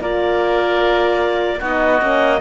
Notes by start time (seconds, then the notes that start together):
0.00 A#3 F4 A#4 D5
1.59 B3 D#4 F#4 D#5
1.99 A#3 C#4